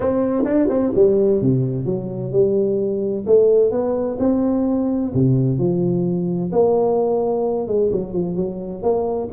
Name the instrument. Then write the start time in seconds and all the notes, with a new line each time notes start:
tuba
0.00 C4
0.44 D4
0.69 C4
0.95 G3
1.41 C3
1.85 F#3
2.32 G3
3.26 A3
3.71 B3
4.19 C4
5.14 C3
5.58 F3
6.52 A#3
7.67 G#3
7.92 F#3
8.12 F3
8.36 F#3
8.82 A#3